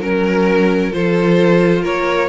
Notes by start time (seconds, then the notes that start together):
0.00 F#3 C#4 A#4
0.91 F3 F4 A4 C5
1.81 A#3 A#4 C#5